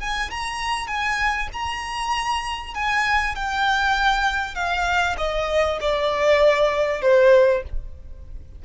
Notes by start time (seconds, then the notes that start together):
0.00 G#5
0.30 A#5
0.87 G#5
1.53 A#5
2.74 G#5
3.35 G5
4.54 F5
5.17 D#5
5.81 D5
7.01 C5